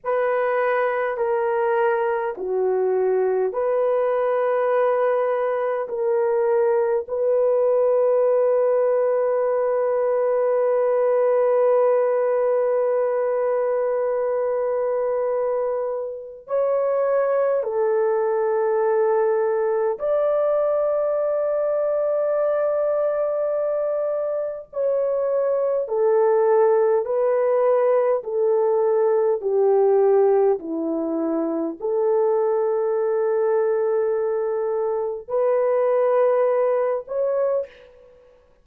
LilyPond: \new Staff \with { instrumentName = "horn" } { \time 4/4 \tempo 4 = 51 b'4 ais'4 fis'4 b'4~ | b'4 ais'4 b'2~ | b'1~ | b'2 cis''4 a'4~ |
a'4 d''2.~ | d''4 cis''4 a'4 b'4 | a'4 g'4 e'4 a'4~ | a'2 b'4. cis''8 | }